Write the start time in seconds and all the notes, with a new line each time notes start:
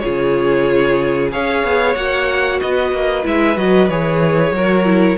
0.00 C#3 F4 G#4 C#5
1.31 C#4 G#4 C#5 F5
1.64 B3
1.95 A#3 F#4 F#5
2.61 B3 B4 D#5
2.93 A#3
3.24 G#3 E4 E5
3.56 F#3 F#4 D#5
3.89 E3 G#4 C#5
4.52 F#3 F#4 A#4
4.85 E4